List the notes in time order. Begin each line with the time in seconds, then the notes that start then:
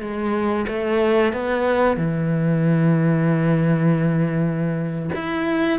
0.00 G#3
0.68 A3
1.32 B3
1.97 E3
5.15 E4